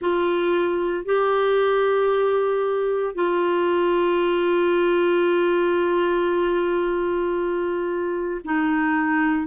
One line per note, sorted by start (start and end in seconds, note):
0.01 1.05 F4
1.05 3.14 G4
3.14 8.41 F4
8.44 9.47 D#4